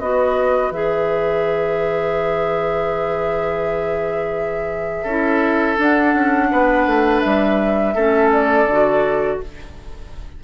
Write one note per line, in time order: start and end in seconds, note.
0.00 0.71 B3
0.00 0.73 F#4
0.00 5.03 B4
0.00 0.72 D#5
0.71 5.04 E3
0.71 5.07 G#4
0.71 5.79 E5
5.03 5.77 C#4
5.03 6.47 A4
5.09 5.77 E4
5.77 7.94 D4
5.77 6.14 D4
5.77 7.20 F#5
6.14 6.51 C#4
6.52 6.87 B3
6.52 7.95 B4
6.87 7.23 A3
7.20 7.95 G3
7.20 8.29 E5
7.95 8.66 A3
7.95 8.69 C#4
7.95 9.39 A4
8.32 9.40 D5
8.66 9.38 D3
8.66 9.44 F#4